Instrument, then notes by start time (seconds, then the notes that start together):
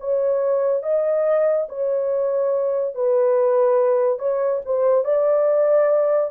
horn
0.00 C#5
0.83 D#5
1.69 C#5
2.95 B4
4.19 C#5
4.66 C5
5.04 D5